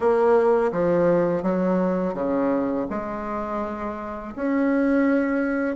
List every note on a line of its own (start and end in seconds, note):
0.00 0.71 A#3
0.72 1.43 F3
1.43 2.14 F#3
2.14 2.86 C#3
2.89 4.34 G#3
4.35 5.76 C#4